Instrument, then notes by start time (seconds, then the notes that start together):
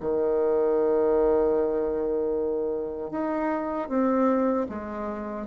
bassoon
0.00 D#3
3.11 D#4
3.88 C4
4.69 G#3